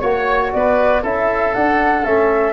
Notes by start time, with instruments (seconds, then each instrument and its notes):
0.00 tuba A#3, trombone F#4, flute C#5, oboe C#5
0.53 tuba B3, oboe B4, flute D5
1.03 tuba C#4, trombone E4, oboe A4, flute E5
1.54 trombone D4, tuba D4, flute F#5
2.05 tuba A3, trombone C#4, flute E5